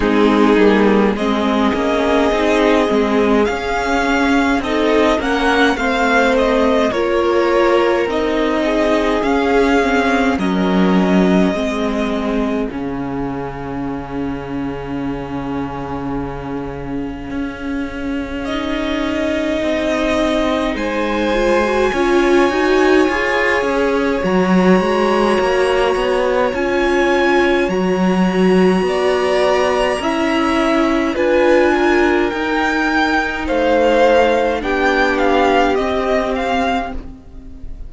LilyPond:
<<
  \new Staff \with { instrumentName = "violin" } { \time 4/4 \tempo 4 = 52 gis'4 dis''2 f''4 | dis''8 fis''8 f''8 dis''8 cis''4 dis''4 | f''4 dis''2 f''4~ | f''1 |
dis''2 gis''2~ | gis''4 ais''2 gis''4 | ais''2. gis''4 | g''4 f''4 g''8 f''8 dis''8 f''8 | }
  \new Staff \with { instrumentName = "violin" } { \time 4/4 dis'4 gis'2. | a'8 ais'8 c''4 ais'4. gis'8~ | gis'4 ais'4 gis'2~ | gis'1~ |
gis'2 c''4 cis''4~ | cis''1~ | cis''4 d''4 e''4 b'8 ais'8~ | ais'4 c''4 g'2 | }
  \new Staff \with { instrumentName = "viola" } { \time 4/4 c'8 ais8 c'8 cis'8 dis'8 c'8 cis'4 | dis'8 cis'8 c'4 f'4 dis'4 | cis'8 c'8 cis'4 c'4 cis'4~ | cis'1 |
dis'2~ dis'8 f'16 fis'16 f'8 fis'8 | gis'4 fis'2 f'4 | fis'2 e'4 f'4 | dis'2 d'4 c'4 | }
  \new Staff \with { instrumentName = "cello" } { \time 4/4 gis8 g8 gis8 ais8 c'8 gis8 cis'4 | c'8 ais8 a4 ais4 c'4 | cis'4 fis4 gis4 cis4~ | cis2. cis'4~ |
cis'4 c'4 gis4 cis'8 dis'8 | f'8 cis'8 fis8 gis8 ais8 b8 cis'4 | fis4 b4 cis'4 d'4 | dis'4 a4 b4 c'4 | }
>>